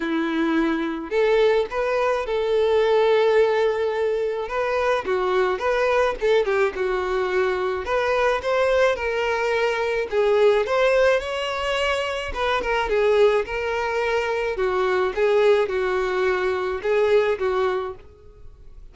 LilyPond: \new Staff \with { instrumentName = "violin" } { \time 4/4 \tempo 4 = 107 e'2 a'4 b'4 | a'1 | b'4 fis'4 b'4 a'8 g'8 | fis'2 b'4 c''4 |
ais'2 gis'4 c''4 | cis''2 b'8 ais'8 gis'4 | ais'2 fis'4 gis'4 | fis'2 gis'4 fis'4 | }